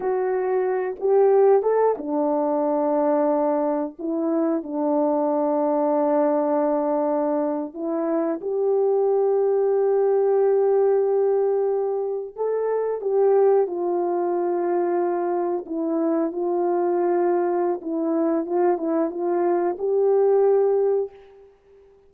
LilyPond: \new Staff \with { instrumentName = "horn" } { \time 4/4 \tempo 4 = 91 fis'4. g'4 a'8 d'4~ | d'2 e'4 d'4~ | d'2.~ d'8. e'16~ | e'8. g'2.~ g'16~ |
g'2~ g'8. a'4 g'16~ | g'8. f'2. e'16~ | e'8. f'2~ f'16 e'4 | f'8 e'8 f'4 g'2 | }